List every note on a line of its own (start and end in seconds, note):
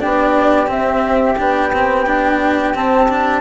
0.00 0.70 B3
0.00 0.67 D4
0.00 3.41 G4
0.00 0.69 D5
0.67 1.35 C4
0.67 1.38 C4
0.67 1.39 E5
1.38 2.75 B3
1.38 1.72 D4
1.38 2.76 G5
1.73 2.06 C4
2.06 2.74 D4
2.74 3.08 C4
2.74 3.41 C4
2.74 3.41 A5
3.09 3.41 D4